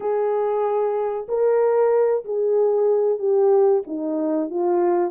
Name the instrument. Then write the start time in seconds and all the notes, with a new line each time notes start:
horn
0.00 G#4
1.28 A#4
2.25 G#4
3.18 G4
3.86 D#4
4.50 F4